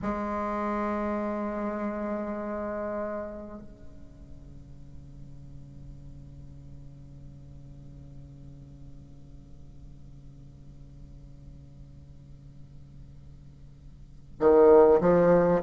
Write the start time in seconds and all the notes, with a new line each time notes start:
0.02 G#3
3.61 C#3
14.40 D#3
15.00 F3